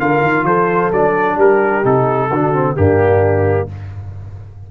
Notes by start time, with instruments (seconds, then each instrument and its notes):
0.00 tuba D3, trombone F4, horn A#4, trumpet F5
0.22 tuba D#3
0.44 tuba F3, horn A4, trumpet C5
0.92 tuba F#3, trombone D4, trumpet D5
1.37 tuba G3, horn G4, trumpet A#4
1.84 tuba C3, trombone D#4, trumpet A4
2.31 tuba D3, trombone D4, horn F#4
2.54 trombone C4
2.76 tuba G2, trombone A#3, horn D4, trumpet G4